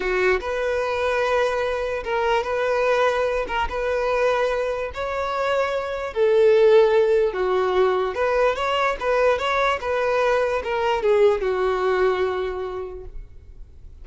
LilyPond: \new Staff \with { instrumentName = "violin" } { \time 4/4 \tempo 4 = 147 fis'4 b'2.~ | b'4 ais'4 b'2~ | b'8 ais'8 b'2. | cis''2. a'4~ |
a'2 fis'2 | b'4 cis''4 b'4 cis''4 | b'2 ais'4 gis'4 | fis'1 | }